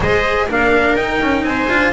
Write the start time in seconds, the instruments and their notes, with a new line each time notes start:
0.00 double bass G#3, cello G#4, viola C5, trumpet D#5
0.48 double bass A#3, cello D4, viola A#4, trumpet F5
0.95 double bass D#4, cello D#4, trumpet G5
1.20 double bass C#4
1.43 double bass C4, viola C5, trumpet G#5
1.68 double bass D4, cello F4